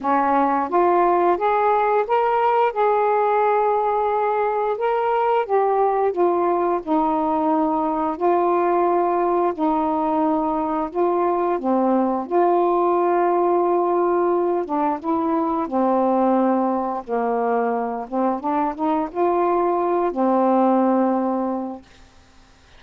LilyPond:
\new Staff \with { instrumentName = "saxophone" } { \time 4/4 \tempo 4 = 88 cis'4 f'4 gis'4 ais'4 | gis'2. ais'4 | g'4 f'4 dis'2 | f'2 dis'2 |
f'4 c'4 f'2~ | f'4. d'8 e'4 c'4~ | c'4 ais4. c'8 d'8 dis'8 | f'4. c'2~ c'8 | }